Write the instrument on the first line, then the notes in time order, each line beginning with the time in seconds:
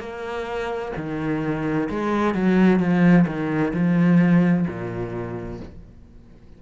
cello
0.00 A#3
0.97 D#3
1.90 G#3
2.35 F#3
2.80 F3
3.27 D#3
3.74 F3
4.68 A#2